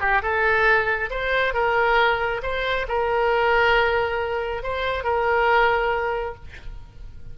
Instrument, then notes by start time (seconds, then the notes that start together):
oboe
0.00 G4
0.22 A4
1.10 C5
1.54 A#4
2.43 C5
2.88 A#4
4.63 C5
5.04 A#4